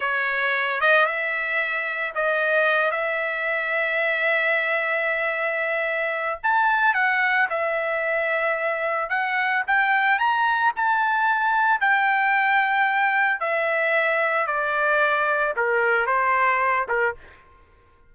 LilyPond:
\new Staff \with { instrumentName = "trumpet" } { \time 4/4 \tempo 4 = 112 cis''4. dis''8 e''2 | dis''4. e''2~ e''8~ | e''1 | a''4 fis''4 e''2~ |
e''4 fis''4 g''4 ais''4 | a''2 g''2~ | g''4 e''2 d''4~ | d''4 ais'4 c''4. ais'8 | }